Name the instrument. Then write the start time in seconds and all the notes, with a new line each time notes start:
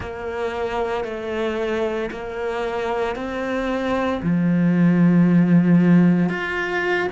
cello
0.00 A#3
1.04 A3
2.11 A#3
3.15 C4
4.22 F3
6.29 F4